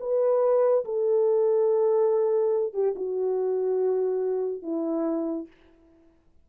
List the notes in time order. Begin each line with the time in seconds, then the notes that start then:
0.00 B4
0.85 A4
2.73 G4
2.95 F#4
4.63 E4